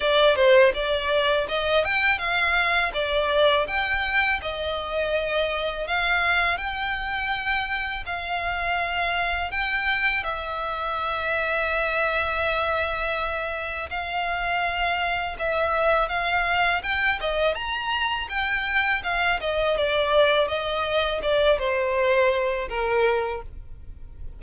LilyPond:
\new Staff \with { instrumentName = "violin" } { \time 4/4 \tempo 4 = 82 d''8 c''8 d''4 dis''8 g''8 f''4 | d''4 g''4 dis''2 | f''4 g''2 f''4~ | f''4 g''4 e''2~ |
e''2. f''4~ | f''4 e''4 f''4 g''8 dis''8 | ais''4 g''4 f''8 dis''8 d''4 | dis''4 d''8 c''4. ais'4 | }